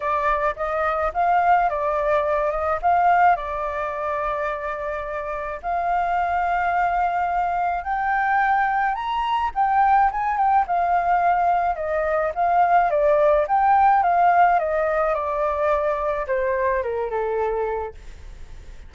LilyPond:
\new Staff \with { instrumentName = "flute" } { \time 4/4 \tempo 4 = 107 d''4 dis''4 f''4 d''4~ | d''8 dis''8 f''4 d''2~ | d''2 f''2~ | f''2 g''2 |
ais''4 g''4 gis''8 g''8 f''4~ | f''4 dis''4 f''4 d''4 | g''4 f''4 dis''4 d''4~ | d''4 c''4 ais'8 a'4. | }